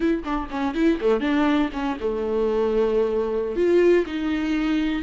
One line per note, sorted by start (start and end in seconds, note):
0.00 0.23 E4
0.23 0.48 D4
0.50 0.74 C#4
0.74 0.99 E4
1.00 1.20 A3
1.20 1.69 D4
1.72 1.97 C#4
2.00 3.56 A3
3.56 4.05 F4
4.06 5.02 D#4